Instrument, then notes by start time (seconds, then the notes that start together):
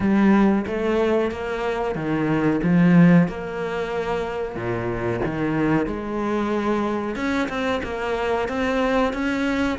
cello
0.00 G3
0.66 A3
1.31 A#3
1.95 D#3
2.63 F3
3.28 A#3
4.55 A#2
5.25 D#3
5.86 G#3
7.15 C#4
7.48 C4
7.83 A#3
8.48 C4
9.13 C#4